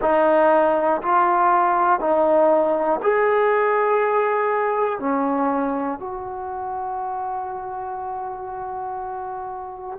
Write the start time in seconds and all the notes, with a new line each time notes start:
0.01 D#4
1.01 F4
2.00 D#4
3.02 G#4
4.99 C#4
5.99 F#4